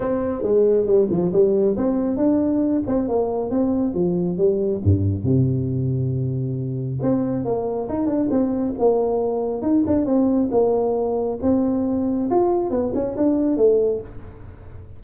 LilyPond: \new Staff \with { instrumentName = "tuba" } { \time 4/4 \tempo 4 = 137 c'4 gis4 g8 f8 g4 | c'4 d'4. c'8 ais4 | c'4 f4 g4 g,4 | c1 |
c'4 ais4 dis'8 d'8 c'4 | ais2 dis'8 d'8 c'4 | ais2 c'2 | f'4 b8 cis'8 d'4 a4 | }